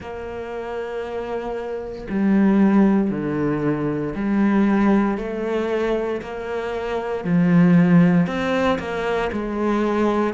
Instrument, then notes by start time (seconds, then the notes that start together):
cello
0.00 A#3
2.09 G3
3.10 D3
4.15 G3
5.17 A3
6.21 A#3
7.24 F3
8.26 C4
8.78 A#3
9.32 G#3